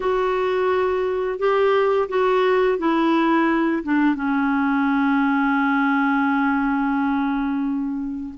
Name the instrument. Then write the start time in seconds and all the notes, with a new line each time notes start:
clarinet
0.00 F#4
1.38 G4
2.09 F#4
2.78 E4
3.83 D4
4.15 C#4